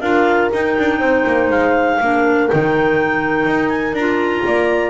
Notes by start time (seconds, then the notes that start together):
0.00 D4 F4 A#4 F5
0.53 D#4 G5
0.78 D4
0.98 C4 C5
1.26 A#3
1.50 G#3 F5
2.00 A#3 D4 A#4
2.48 D#3 D#4 G5
3.45 D#4
3.69 G#5
3.93 D4 F4 A#5
4.45 A#3 D5